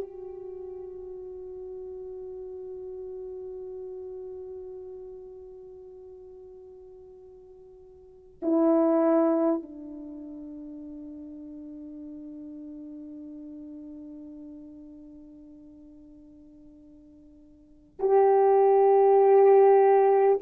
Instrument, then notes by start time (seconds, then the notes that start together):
horn
0.00 F#4
8.42 E4
9.62 D4
17.99 G4